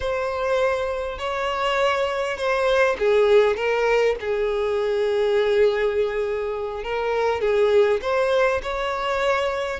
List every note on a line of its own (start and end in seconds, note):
0.00 1.18 C5
1.18 2.37 C#5
2.37 2.96 C5
2.98 3.56 G#4
3.56 4.15 A#4
4.20 6.83 G#4
6.83 7.40 A#4
7.40 8.00 G#4
8.01 8.61 C5
8.62 9.79 C#5